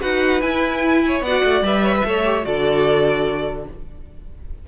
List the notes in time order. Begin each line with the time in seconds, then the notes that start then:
0.00 D#4 F#4 B4 F#5
0.41 E4 G#5
1.06 C#5
1.21 B3 D5 F#5
1.27 F#4
1.44 A3
1.61 G3 B4 E5
1.84 C#5
1.96 B4
2.04 A3 A4 C#5
2.25 G4
2.43 D3 F#4 A4 D5